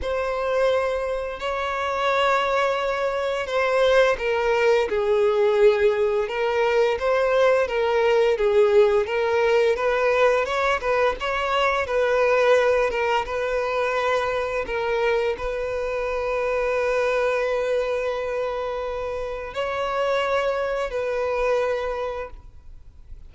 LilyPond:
\new Staff \with { instrumentName = "violin" } { \time 4/4 \tempo 4 = 86 c''2 cis''2~ | cis''4 c''4 ais'4 gis'4~ | gis'4 ais'4 c''4 ais'4 | gis'4 ais'4 b'4 cis''8 b'8 |
cis''4 b'4. ais'8 b'4~ | b'4 ais'4 b'2~ | b'1 | cis''2 b'2 | }